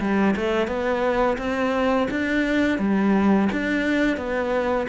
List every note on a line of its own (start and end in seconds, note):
0.00 0.35 G3
0.36 0.68 A3
0.68 1.37 B3
1.38 2.08 C4
2.10 2.79 D4
2.79 3.49 G3
3.52 4.17 D4
4.17 4.87 B3